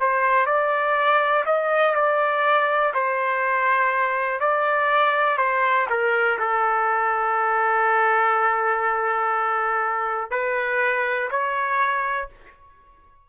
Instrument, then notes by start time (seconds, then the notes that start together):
trumpet
0.00 C5
0.46 D5
1.45 D#5
1.95 D5
2.94 C5
4.39 D5
5.37 C5
5.89 A#4
6.39 A4
10.31 B4
11.30 C#5